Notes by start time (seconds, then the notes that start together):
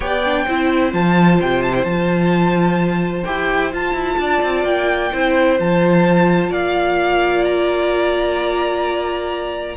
0.00 B3 G4 D5 G5
0.25 D4
0.44 C4 E4 C5
0.92 F3 F4 A5
1.41 C3 G5
1.61 A5
1.74 E4 G5
1.83 F3 F4 A5
3.24 E4 G4 G5
3.72 F4 A5
3.93 E4
4.18 D4 D5
4.42 C4
4.64 A#3 G5
5.12 C4 E4 C5
5.58 F3 F4 A5
6.50 A#3 D5 F5
7.44 A#5